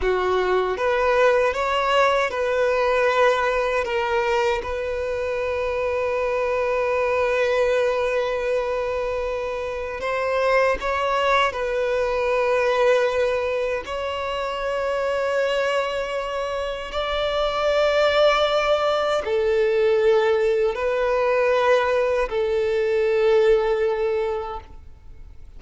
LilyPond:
\new Staff \with { instrumentName = "violin" } { \time 4/4 \tempo 4 = 78 fis'4 b'4 cis''4 b'4~ | b'4 ais'4 b'2~ | b'1~ | b'4 c''4 cis''4 b'4~ |
b'2 cis''2~ | cis''2 d''2~ | d''4 a'2 b'4~ | b'4 a'2. | }